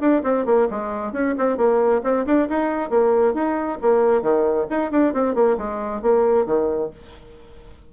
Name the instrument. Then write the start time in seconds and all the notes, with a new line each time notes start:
bassoon
0.00 D4
0.23 C4
0.45 A#3
0.70 G#3
1.12 C#4
1.38 C4
1.57 A#3
2.03 C4
2.26 D4
2.48 D#4
2.90 A#3
3.34 D#4
3.81 A#3
4.22 D#3
4.70 D#4
4.91 D4
5.13 C4
5.35 A#3
5.57 G#3
6.02 A#3
6.46 D#3